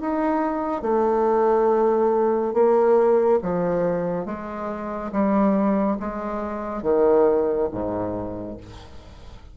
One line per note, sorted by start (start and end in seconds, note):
0.00 0.81 D#4
0.81 2.53 A3
2.53 3.39 A#3
3.42 4.25 F3
4.25 5.11 G#3
5.12 5.97 G3
5.99 6.82 G#3
6.82 7.68 D#3
7.71 8.57 G#2